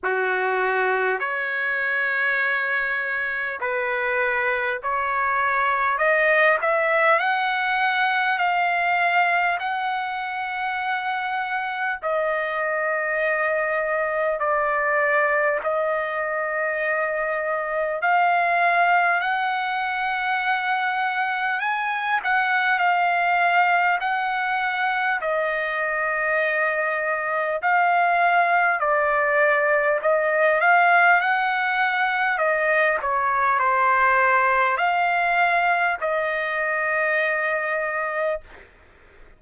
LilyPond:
\new Staff \with { instrumentName = "trumpet" } { \time 4/4 \tempo 4 = 50 fis'4 cis''2 b'4 | cis''4 dis''8 e''8 fis''4 f''4 | fis''2 dis''2 | d''4 dis''2 f''4 |
fis''2 gis''8 fis''8 f''4 | fis''4 dis''2 f''4 | d''4 dis''8 f''8 fis''4 dis''8 cis''8 | c''4 f''4 dis''2 | }